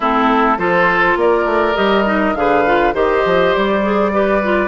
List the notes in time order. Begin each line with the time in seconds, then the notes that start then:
0.00 A3 C4 E4 A4
0.57 F3 F4 A4 C5
1.16 A#3 A#4 D5
1.45 A3
1.75 G3 G4 D#5
2.06 D#4
2.34 D3 G#4 B4 F5
2.66 F4
2.93 D#3 G4 C5 D#5
3.25 F3
3.54 G3 D5
3.83 G#4
4.12 G4 B4
4.43 F4